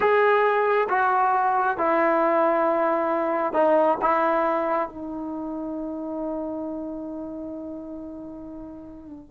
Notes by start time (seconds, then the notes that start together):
0.00 G#4
0.89 F#4
1.77 E4
3.53 D#4
4.01 E4
4.88 D#4